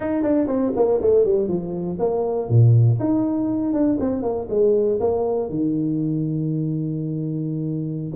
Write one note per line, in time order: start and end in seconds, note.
0.00 0.22 D#4
0.22 0.47 D4
0.47 0.72 C4
0.75 1.00 A#3
1.01 1.24 A3
1.24 1.47 G3
1.47 1.97 F3
1.99 2.48 A#3
2.48 2.98 A#2
2.99 3.73 D#4
3.73 3.98 D4
4.00 4.22 C4
4.22 4.47 A#3
4.49 4.99 G#3
5.00 5.49 A#3
5.49 8.12 D#3